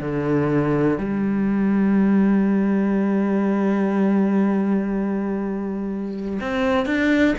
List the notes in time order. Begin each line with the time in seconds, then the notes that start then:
0.00 D3
0.98 G3
6.40 C4
6.86 D4